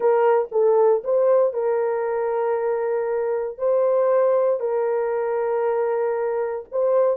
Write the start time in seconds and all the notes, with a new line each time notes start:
0.00 A#4
0.51 A4
1.04 C5
1.53 A#4
3.58 C5
4.59 A#4
6.71 C5